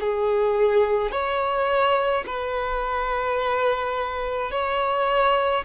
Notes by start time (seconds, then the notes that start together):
0.00 G#4
1.12 C#5
2.27 B4
4.51 C#5